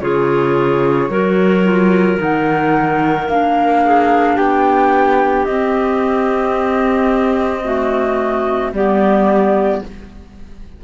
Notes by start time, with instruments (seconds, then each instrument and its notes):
0.00 cello C#3, clarinet F4 G#4, flute C#5
1.09 cello F#3, clarinet F#4 A#4
1.64 clarinet F4
2.18 cello D#3, clarinet D#4, flute F#5
3.28 cello A#3, clarinet D4, flute F5
3.85 clarinet G#4
4.35 cello B3, clarinet G4, flute G5
5.45 cello C4, clarinet C4, flute D#5
7.64 clarinet A3 F#4
8.72 cello G3, clarinet B3 G4, flute D5